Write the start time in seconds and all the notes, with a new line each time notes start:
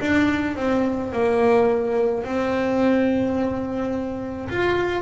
0.00 D4
0.56 C4
1.12 A#3
2.24 C4
4.49 F4